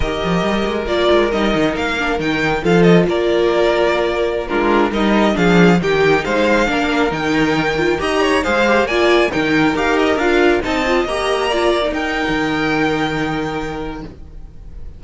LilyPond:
<<
  \new Staff \with { instrumentName = "violin" } { \time 4/4 \tempo 4 = 137 dis''2 d''4 dis''4 | f''4 g''4 f''8 dis''8 d''4~ | d''2~ d''16 ais'4 dis''8.~ | dis''16 f''4 g''4 f''4.~ f''16~ |
f''16 g''2 ais''4 f''8.~ | f''16 gis''4 g''4 f''8 dis''8 f''8.~ | f''16 a''4 ais''2 g''8.~ | g''1 | }
  \new Staff \with { instrumentName = "violin" } { \time 4/4 ais'1~ | ais'2 a'4 ais'4~ | ais'2~ ais'16 f'4 ais'8.~ | ais'16 gis'4 g'4 c''4 ais'8.~ |
ais'2~ ais'16 dis''8 cis''8 c''8.~ | c''16 d''4 ais'2~ ais'8.~ | ais'16 dis''2 d''4 ais'8.~ | ais'1 | }
  \new Staff \with { instrumentName = "viola" } { \time 4/4 g'2 f'4 dis'4~ | dis'8 d'8 dis'4 f'2~ | f'2~ f'16 d'4 dis'8.~ | dis'16 d'4 dis'2 d'8.~ |
d'16 dis'4. f'8 g'4 gis'8 g'16~ | g'16 f'4 dis'4 g'4 f'8.~ | f'16 dis'8 f'8 g'4 f'8. dis'4~ | dis'1 | }
  \new Staff \with { instrumentName = "cello" } { \time 4/4 dis8 f8 g8 gis8 ais8 gis8 g8 dis8 | ais4 dis4 f4 ais4~ | ais2~ ais16 gis4 g8.~ | g16 f4 dis4 gis4 ais8.~ |
ais16 dis2 dis'4 gis8.~ | gis16 ais4 dis4 dis'4 d'8.~ | d'16 c'4 ais2 dis'8. | dis1 | }
>>